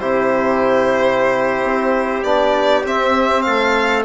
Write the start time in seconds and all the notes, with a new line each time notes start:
0.00 C3 E4 G4 C5
1.64 C4
2.24 B3 D4 D5
2.85 C4 E5
3.43 A3 A4 F5